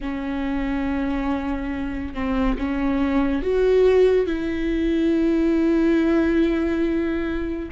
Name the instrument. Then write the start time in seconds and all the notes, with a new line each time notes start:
viola
0.00 C#4
2.14 C4
2.58 C#4
3.42 F#4
4.26 E4